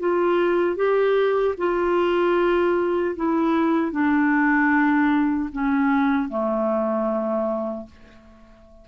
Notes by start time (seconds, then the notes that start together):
0.00 F4
0.76 G4
1.58 F4
3.17 E4
3.92 D4
5.53 C#4
6.29 A3